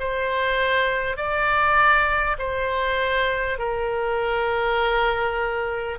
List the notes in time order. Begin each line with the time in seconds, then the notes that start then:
0.00 C5
1.17 D5
2.39 C5
3.59 A#4